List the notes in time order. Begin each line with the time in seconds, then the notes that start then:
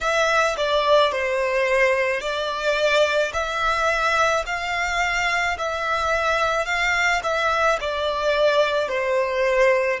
0.00 E5
0.56 D5
1.12 C5
2.20 D5
3.33 E5
4.45 F5
5.58 E5
6.65 F5
7.23 E5
7.80 D5
8.88 C5